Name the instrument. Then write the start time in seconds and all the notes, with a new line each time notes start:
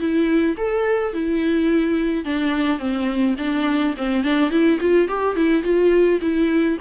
viola
0.00 E4
0.58 A4
1.14 E4
2.25 D4
2.79 C4
3.39 D4
3.98 C4
4.24 D4
4.51 E4
4.81 F4
5.08 G4
5.36 E4
5.64 F4
6.22 E4